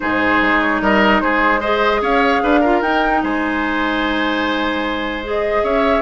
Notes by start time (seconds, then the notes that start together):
0.00 G#2 D#4 G#4 C5
0.41 G#3
0.60 C#5
0.81 G3 A#4 D#5
1.20 G#3 G#4 C5
1.60 G#4 C5 D#5
2.01 C#4 C#5 F5
2.42 D4 B4
2.60 F4 A#4
2.82 D#4 G5
3.23 G#3 C5 G#5
5.23 G#4 D#5
5.63 C#4 C#5 E5